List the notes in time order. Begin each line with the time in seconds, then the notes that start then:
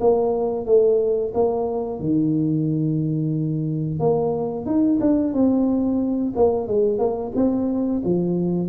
0.00 A#3
0.66 A3
1.34 A#3
1.99 D#3
3.99 A#3
4.66 D#4
5.00 D4
5.33 C4
6.36 A#3
6.67 G#3
6.98 A#3
7.35 C4
8.04 F3